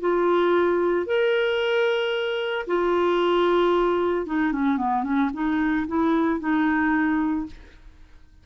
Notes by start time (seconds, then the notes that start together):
0.00 F4
1.06 A#4
2.67 F4
4.26 D#4
4.52 C#4
4.77 B3
5.03 C#4
5.33 D#4
5.87 E4
6.40 D#4